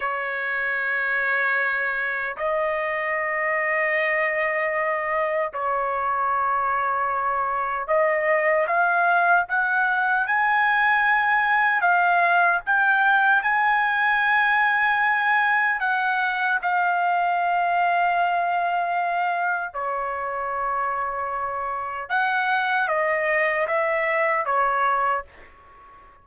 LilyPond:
\new Staff \with { instrumentName = "trumpet" } { \time 4/4 \tempo 4 = 76 cis''2. dis''4~ | dis''2. cis''4~ | cis''2 dis''4 f''4 | fis''4 gis''2 f''4 |
g''4 gis''2. | fis''4 f''2.~ | f''4 cis''2. | fis''4 dis''4 e''4 cis''4 | }